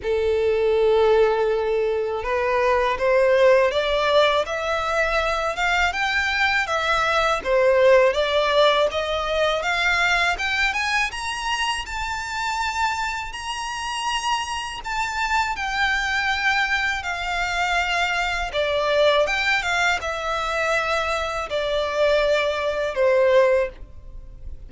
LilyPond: \new Staff \with { instrumentName = "violin" } { \time 4/4 \tempo 4 = 81 a'2. b'4 | c''4 d''4 e''4. f''8 | g''4 e''4 c''4 d''4 | dis''4 f''4 g''8 gis''8 ais''4 |
a''2 ais''2 | a''4 g''2 f''4~ | f''4 d''4 g''8 f''8 e''4~ | e''4 d''2 c''4 | }